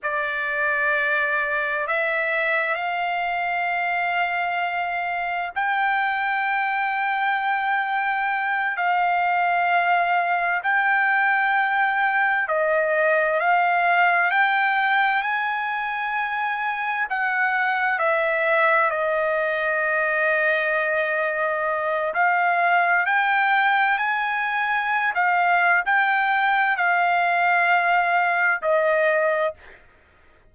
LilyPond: \new Staff \with { instrumentName = "trumpet" } { \time 4/4 \tempo 4 = 65 d''2 e''4 f''4~ | f''2 g''2~ | g''4. f''2 g''8~ | g''4. dis''4 f''4 g''8~ |
g''8 gis''2 fis''4 e''8~ | e''8 dis''2.~ dis''8 | f''4 g''4 gis''4~ gis''16 f''8. | g''4 f''2 dis''4 | }